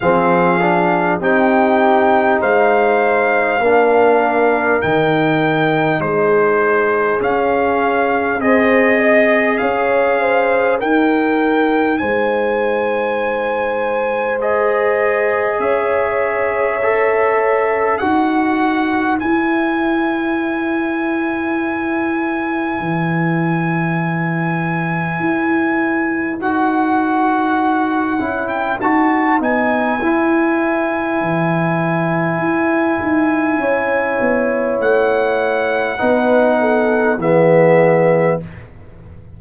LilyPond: <<
  \new Staff \with { instrumentName = "trumpet" } { \time 4/4 \tempo 4 = 50 f''4 g''4 f''2 | g''4 c''4 f''4 dis''4 | f''4 g''4 gis''2 | dis''4 e''2 fis''4 |
gis''1~ | gis''2 fis''4.~ fis''16 g''16 | a''8 gis''2.~ gis''8~ | gis''4 fis''2 e''4 | }
  \new Staff \with { instrumentName = "horn" } { \time 4/4 gis'4 g'4 c''4 ais'4~ | ais'4 gis'2 c''8 dis''8 | cis''8 c''8 ais'4 c''2~ | c''4 cis''2 b'4~ |
b'1~ | b'1~ | b'1 | cis''2 b'8 a'8 gis'4 | }
  \new Staff \with { instrumentName = "trombone" } { \time 4/4 c'8 d'8 dis'2 d'4 | dis'2 cis'4 gis'4~ | gis'4 dis'2. | gis'2 a'4 fis'4 |
e'1~ | e'2 fis'4. e'8 | fis'8 dis'8 e'2.~ | e'2 dis'4 b4 | }
  \new Staff \with { instrumentName = "tuba" } { \time 4/4 f4 c'4 gis4 ais4 | dis4 gis4 cis'4 c'4 | cis'4 dis'4 gis2~ | gis4 cis'2 dis'4 |
e'2. e4~ | e4 e'4 dis'4. cis'8 | dis'8 b8 e'4 e4 e'8 dis'8 | cis'8 b8 a4 b4 e4 | }
>>